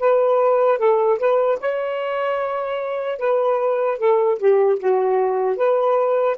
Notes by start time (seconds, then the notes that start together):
0.00 B4
0.79 A4
1.19 B4
1.60 C#5
3.19 B4
3.99 A4
4.39 G4
4.80 F#4
5.57 B4